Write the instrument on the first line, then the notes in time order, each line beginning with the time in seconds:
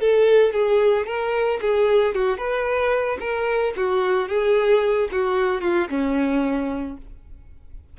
violin
0.00 A4
0.53 G#4
1.06 A#4
1.61 G#4
2.15 F#4
2.37 B4
3.20 A#4
3.76 F#4
4.28 G#4
5.11 F#4
5.61 F4
5.90 C#4